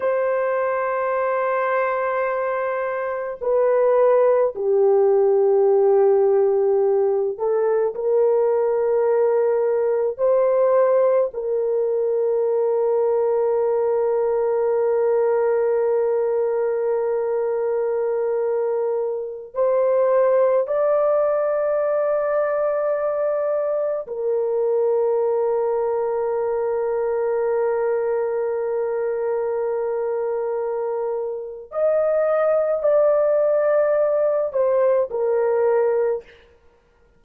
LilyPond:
\new Staff \with { instrumentName = "horn" } { \time 4/4 \tempo 4 = 53 c''2. b'4 | g'2~ g'8 a'8 ais'4~ | ais'4 c''4 ais'2~ | ais'1~ |
ais'4~ ais'16 c''4 d''4.~ d''16~ | d''4~ d''16 ais'2~ ais'8.~ | ais'1 | dis''4 d''4. c''8 ais'4 | }